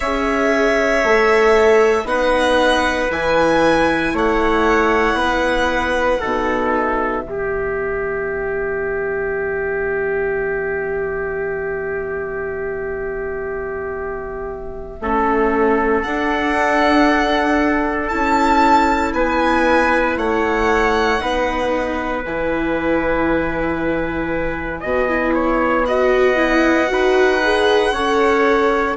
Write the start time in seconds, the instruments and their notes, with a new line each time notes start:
0.00 bassoon C#4, viola G#4, trumpet C#5, violin E5
1.03 bassoon A3, viola A4
2.04 bassoon B3, viola D#4, trumpet B4, violin F#5
3.10 bassoon E3, viola E4, violin G#5
4.13 bassoon A3, trumpet C#5, violin F#5
5.13 bassoon B3, trumpet B4
6.20 bassoon B2, viola D#4, trumpet A4
6.70 violin E5
7.23 bassoon E3, viola B3
7.29 trumpet G4
15.00 bassoon A3, viola C#4, trumpet A4
16.03 bassoon D4, viola D4, violin F#5
18.08 bassoon C#4, viola E4, violin A5
19.13 bassoon B3, trumpet B4, violin G#5
20.17 bassoon A3, trumpet C#5, violin F#5
21.18 bassoon B3, viola D#4, trumpet B4
22.23 bassoon E3, viola E4, violin G#5
24.80 bassoon B3, viola F#4, trumpet D#5
25.08 viola E4
25.34 trumpet C#5
25.85 viola F#4, trumpet D#5, violin F#5
26.36 viola E4
26.87 bassoon D#4, viola F#4, trumpet B4
27.42 viola G#4
27.92 bassoon C#4, viola A4, trumpet C#5